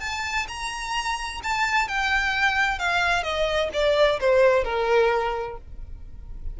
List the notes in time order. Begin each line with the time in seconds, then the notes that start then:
0.00 A5
0.48 A#5
1.43 A5
1.88 G5
2.78 F5
3.23 D#5
3.73 D5
4.20 C5
4.64 A#4